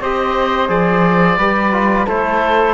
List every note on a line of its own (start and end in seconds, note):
0.00 0.68 C4
0.00 0.68 G4
0.00 1.37 C5
0.00 0.69 D#5
0.68 1.37 F3
0.68 1.37 G#4
0.68 2.07 D5
1.37 2.06 G3
1.37 1.72 G4
1.37 2.06 B4
1.72 2.06 F4
2.06 2.74 A3
2.06 2.74 E4
2.06 2.74 A4
2.06 2.74 C5